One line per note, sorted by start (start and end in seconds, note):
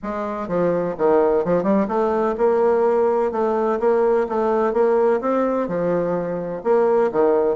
0.02 0.47 G#3
0.47 0.95 F3
0.97 1.45 D#3
1.45 1.63 F3
1.63 1.86 G3
1.87 2.35 A3
2.37 3.31 A#3
3.31 3.79 A3
3.79 4.26 A#3
4.29 4.73 A3
4.73 5.20 A#3
5.20 5.68 C4
5.68 6.62 F3
6.63 7.10 A#3
7.11 7.56 D#3